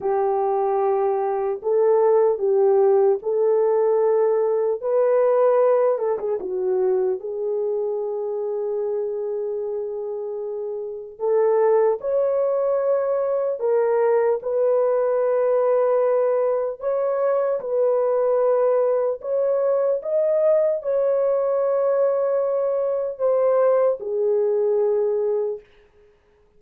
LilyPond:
\new Staff \with { instrumentName = "horn" } { \time 4/4 \tempo 4 = 75 g'2 a'4 g'4 | a'2 b'4. a'16 gis'16 | fis'4 gis'2.~ | gis'2 a'4 cis''4~ |
cis''4 ais'4 b'2~ | b'4 cis''4 b'2 | cis''4 dis''4 cis''2~ | cis''4 c''4 gis'2 | }